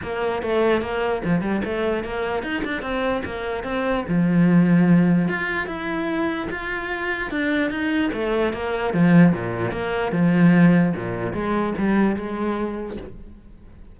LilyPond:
\new Staff \with { instrumentName = "cello" } { \time 4/4 \tempo 4 = 148 ais4 a4 ais4 f8 g8 | a4 ais4 dis'8 d'8 c'4 | ais4 c'4 f2~ | f4 f'4 e'2 |
f'2 d'4 dis'4 | a4 ais4 f4 ais,4 | ais4 f2 ais,4 | gis4 g4 gis2 | }